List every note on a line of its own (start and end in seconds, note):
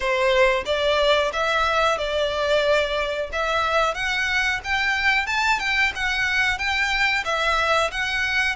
0.00 0.64 C5
0.65 1.31 D5
1.32 1.98 E5
1.98 3.30 D5
3.32 3.94 E5
3.94 4.60 F#5
4.63 5.26 G5
5.26 5.59 A5
5.59 5.92 G5
5.95 6.58 F#5
6.58 7.24 G5
7.24 7.90 E5
7.91 8.56 F#5